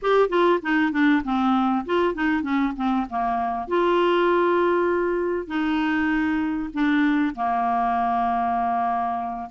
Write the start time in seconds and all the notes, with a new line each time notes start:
0.02 G4
0.29 F4
0.62 D#4
0.92 D4
1.24 C4
1.85 F4
2.14 D#4
2.42 C#4
2.76 C4
3.09 A#3
3.67 F4
5.47 D#4
6.73 D4
7.35 A#3